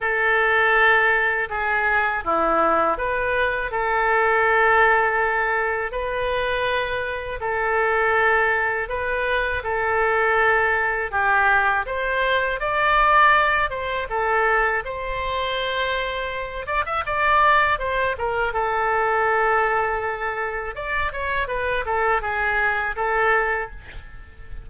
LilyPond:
\new Staff \with { instrumentName = "oboe" } { \time 4/4 \tempo 4 = 81 a'2 gis'4 e'4 | b'4 a'2. | b'2 a'2 | b'4 a'2 g'4 |
c''4 d''4. c''8 a'4 | c''2~ c''8 d''16 e''16 d''4 | c''8 ais'8 a'2. | d''8 cis''8 b'8 a'8 gis'4 a'4 | }